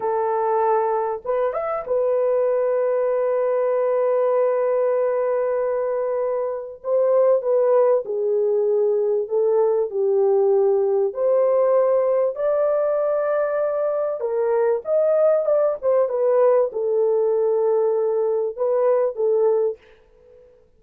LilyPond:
\new Staff \with { instrumentName = "horn" } { \time 4/4 \tempo 4 = 97 a'2 b'8 e''8 b'4~ | b'1~ | b'2. c''4 | b'4 gis'2 a'4 |
g'2 c''2 | d''2. ais'4 | dis''4 d''8 c''8 b'4 a'4~ | a'2 b'4 a'4 | }